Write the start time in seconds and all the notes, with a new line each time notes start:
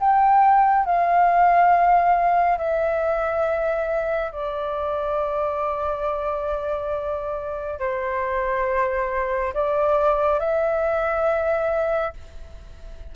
0.00 G5
0.85 F5
2.58 E5
4.32 D5
7.80 C5
9.54 D5
10.40 E5